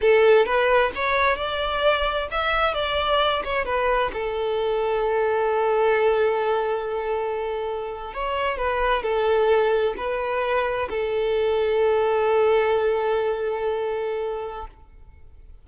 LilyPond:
\new Staff \with { instrumentName = "violin" } { \time 4/4 \tempo 4 = 131 a'4 b'4 cis''4 d''4~ | d''4 e''4 d''4. cis''8 | b'4 a'2.~ | a'1~ |
a'4.~ a'16 cis''4 b'4 a'16~ | a'4.~ a'16 b'2 a'16~ | a'1~ | a'1 | }